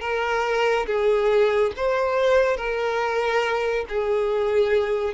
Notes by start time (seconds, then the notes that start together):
0.00 A#4
0.86 G#4
1.76 C5
2.56 A#4
3.88 G#4